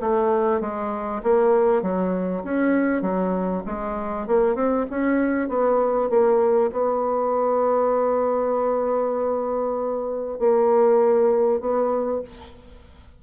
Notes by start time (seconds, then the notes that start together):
0.00 A3
0.61 G#3
1.23 A#3
1.82 F#3
2.44 C#4
3.02 F#3
3.66 G#3
4.27 A#3
4.55 C4
4.90 C#4
5.49 B3
6.10 A#3
6.72 B3
10.39 A#3
11.60 B3